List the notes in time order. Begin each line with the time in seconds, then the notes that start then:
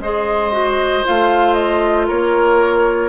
0.00 G#3 G#4 C5 D#5
0.52 F#4
1.04 A3 F4 F5
1.54 D#5
2.08 A#3 A#4 C#5